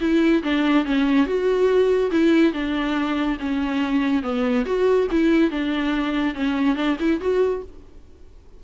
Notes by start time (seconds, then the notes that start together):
0.00 E4
0.43 D4
0.85 C#4
1.26 F#4
2.11 E4
2.53 D4
3.39 C#4
4.23 B3
4.65 F#4
5.11 E4
5.50 D4
6.35 C#4
6.76 D4
6.99 E4
7.20 F#4